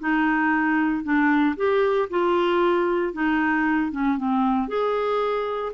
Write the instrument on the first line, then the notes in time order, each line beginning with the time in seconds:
clarinet
0.00 D#4
1.04 D4
1.57 G4
2.10 F4
3.14 D#4
3.92 C#4
4.18 C4
4.68 G#4